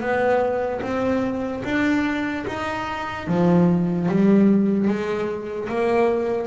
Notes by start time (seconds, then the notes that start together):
0.00 B3
0.81 C4
1.64 D4
2.47 D#4
3.27 F3
4.08 G3
4.87 G#3
5.69 A#3